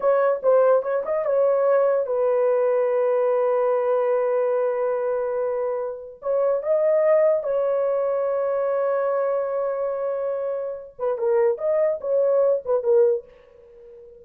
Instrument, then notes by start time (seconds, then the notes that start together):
horn
0.00 C#5
0.42 C5
0.82 C#5
1.05 D#5
1.25 C#5
2.06 B4
6.22 C#5
6.62 D#5
7.43 C#5
10.98 B4
11.18 A#4
11.58 D#5
12.00 C#5
12.65 B4
12.83 A#4